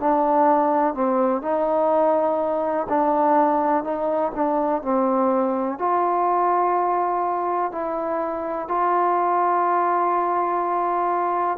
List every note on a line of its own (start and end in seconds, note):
0.00 0.95 D4
0.95 1.42 C4
1.42 2.87 D#4
2.89 3.84 D4
3.84 4.32 D#4
4.35 4.83 D4
4.83 5.79 C4
5.79 7.72 F4
7.72 8.68 E4
8.68 11.58 F4